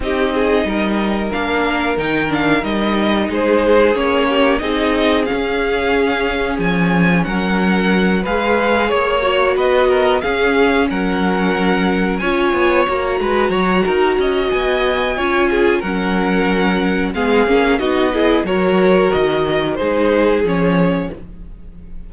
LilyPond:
<<
  \new Staff \with { instrumentName = "violin" } { \time 4/4 \tempo 4 = 91 dis''2 f''4 g''8 f''8 | dis''4 c''4 cis''4 dis''4 | f''2 gis''4 fis''4~ | fis''8 f''4 cis''4 dis''4 f''8~ |
f''8 fis''2 gis''4 ais''8~ | ais''2 gis''2 | fis''2 f''4 dis''4 | cis''4 dis''4 c''4 cis''4 | }
  \new Staff \with { instrumentName = "violin" } { \time 4/4 g'8 gis'8 ais'2.~ | ais'4 gis'4. g'8 gis'4~ | gis'2. ais'4~ | ais'8 b'4 cis''4 b'8 ais'8 gis'8~ |
gis'8 ais'2 cis''4. | b'8 cis''8 ais'8 dis''4. cis''8 gis'8 | ais'2 gis'4 fis'8 gis'8 | ais'2 gis'2 | }
  \new Staff \with { instrumentName = "viola" } { \time 4/4 dis'2 d'4 dis'8 d'8 | dis'2 cis'4 dis'4 | cis'1~ | cis'8 gis'4. fis'4. cis'8~ |
cis'2~ cis'8 f'4 fis'8~ | fis'2. f'4 | cis'2 b8 cis'8 dis'8 e'8 | fis'2 dis'4 cis'4 | }
  \new Staff \with { instrumentName = "cello" } { \time 4/4 c'4 g4 ais4 dis4 | g4 gis4 ais4 c'4 | cis'2 f4 fis4~ | fis8 gis4 ais4 b4 cis'8~ |
cis'8 fis2 cis'8 b8 ais8 | gis8 fis8 dis'8 cis'8 b4 cis'4 | fis2 gis8 ais8 b4 | fis4 dis4 gis4 f4 | }
>>